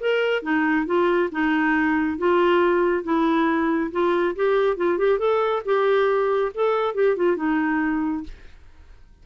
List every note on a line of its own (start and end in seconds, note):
0.00 0.42 A#4
0.42 0.86 D#4
0.86 1.29 F4
1.31 2.18 D#4
2.18 3.04 F4
3.04 3.91 E4
3.92 4.35 F4
4.36 4.77 G4
4.77 4.98 F4
4.98 5.19 G4
5.19 5.62 A4
5.65 6.52 G4
6.55 6.94 A4
6.94 7.16 G4
7.16 7.37 F4
7.37 8.24 D#4